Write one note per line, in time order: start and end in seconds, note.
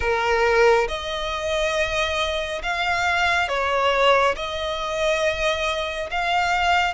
0.00 0.87 A#4
0.87 2.61 D#5
2.62 3.48 F5
3.48 4.35 C#5
4.36 6.09 D#5
6.11 6.94 F5